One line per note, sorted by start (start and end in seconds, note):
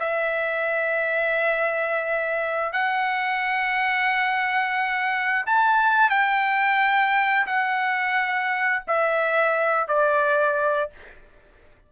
0.00 2.73 E5
2.73 5.46 F#5
5.46 6.10 A5
6.10 7.46 G5
7.47 8.83 F#5
8.87 9.88 E5
9.88 10.90 D5